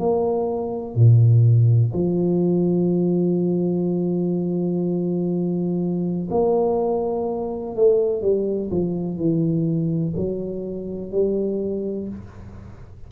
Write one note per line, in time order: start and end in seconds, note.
0.00 0.96 A#3
0.96 1.93 A#2
1.94 6.29 F3
6.31 7.76 A#3
7.76 8.22 A3
8.22 8.71 G3
8.71 9.18 F3
9.18 10.14 E3
10.17 11.12 F#3
11.12 12.09 G3